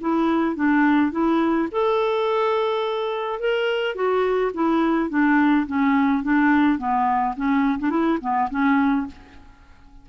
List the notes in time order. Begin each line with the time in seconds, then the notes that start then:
0.00 E4
0.55 D4
1.11 E4
1.71 A4
3.39 A#4
3.95 F#4
4.54 E4
5.09 D4
5.66 C#4
6.23 D4
6.78 B3
7.36 C#4
7.79 D4
7.90 E4
8.21 B3
8.50 C#4